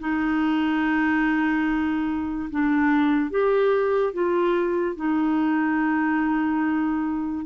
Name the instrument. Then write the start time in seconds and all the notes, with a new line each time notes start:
clarinet
0.00 D#4
2.51 D4
3.31 G4
4.13 F4
4.97 D#4